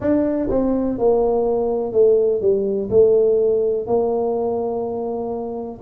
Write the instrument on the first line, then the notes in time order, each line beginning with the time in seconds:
tuba
0.00 D4
0.50 C4
0.98 A#3
1.93 A3
2.41 G3
2.90 A3
3.86 A#3